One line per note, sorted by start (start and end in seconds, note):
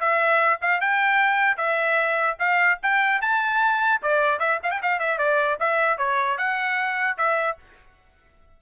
0.00 0.60 E5
0.62 0.81 F5
0.81 1.57 G5
1.57 2.37 E5
2.39 2.79 F5
2.83 3.21 G5
3.21 4.01 A5
4.02 4.39 D5
4.39 4.59 E5
4.63 4.71 F5
4.71 4.81 G5
4.82 4.99 F5
4.99 5.18 E5
5.18 5.58 D5
5.60 5.98 E5
5.98 6.38 C#5
6.38 7.17 F#5
7.17 7.57 E5